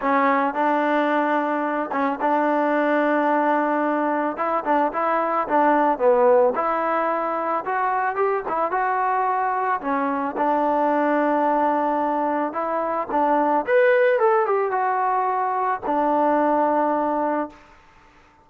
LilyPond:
\new Staff \with { instrumentName = "trombone" } { \time 4/4 \tempo 4 = 110 cis'4 d'2~ d'8 cis'8 | d'1 | e'8 d'8 e'4 d'4 b4 | e'2 fis'4 g'8 e'8 |
fis'2 cis'4 d'4~ | d'2. e'4 | d'4 b'4 a'8 g'8 fis'4~ | fis'4 d'2. | }